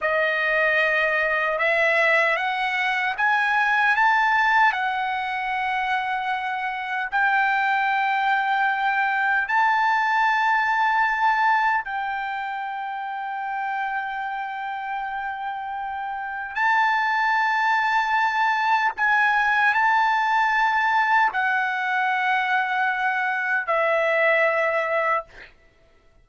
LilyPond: \new Staff \with { instrumentName = "trumpet" } { \time 4/4 \tempo 4 = 76 dis''2 e''4 fis''4 | gis''4 a''4 fis''2~ | fis''4 g''2. | a''2. g''4~ |
g''1~ | g''4 a''2. | gis''4 a''2 fis''4~ | fis''2 e''2 | }